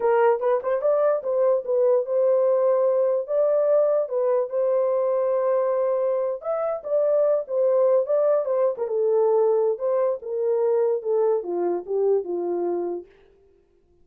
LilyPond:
\new Staff \with { instrumentName = "horn" } { \time 4/4 \tempo 4 = 147 ais'4 b'8 c''8 d''4 c''4 | b'4 c''2. | d''2 b'4 c''4~ | c''2.~ c''8. e''16~ |
e''8. d''4. c''4. d''16~ | d''8. c''8. ais'16 a'2~ a'16 | c''4 ais'2 a'4 | f'4 g'4 f'2 | }